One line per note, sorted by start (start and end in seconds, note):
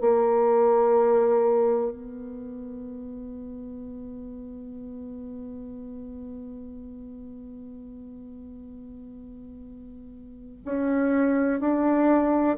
0.00 1.90 A#3
1.90 10.61 B3
10.65 11.60 C#4
11.60 12.57 D4